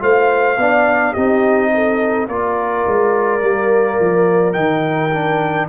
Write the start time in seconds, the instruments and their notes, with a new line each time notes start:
0.00 tuba A3, trombone F4, horn C5, trumpet F5
0.58 tuba B3, trombone D4, horn D5
1.13 tuba C4, trombone D#4, horn G4, trumpet D#5
1.74 horn A4
2.28 tuba A#3, trombone F4, horn A#4, trumpet D5
2.87 tuba G#3
3.41 tuba G3, trombone A#3
4.00 tuba F3
4.54 tuba D#3, trombone D#4, trumpet G5
5.14 trombone D4